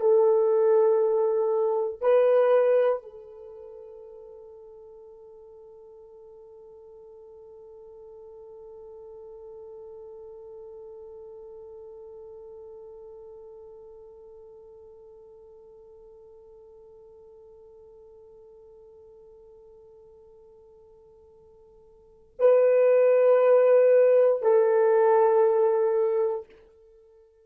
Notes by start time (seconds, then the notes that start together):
0.00 A4
2.01 B4
3.02 A4
22.39 B4
24.43 A4